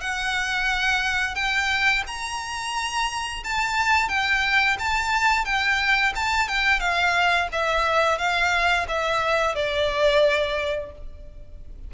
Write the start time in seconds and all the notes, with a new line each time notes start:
0.00 F#5
1.35 G5
2.07 A#5
3.43 A5
4.08 G5
4.79 A5
5.45 G5
6.15 A5
6.48 G5
6.80 F5
7.52 E5
8.18 F5
8.88 E5
9.55 D5